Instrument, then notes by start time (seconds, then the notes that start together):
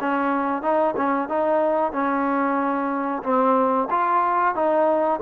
trombone
0.00 C#4
0.62 D#4
0.96 C#4
1.28 D#4
1.92 C#4
3.23 C4
3.90 F4
4.55 D#4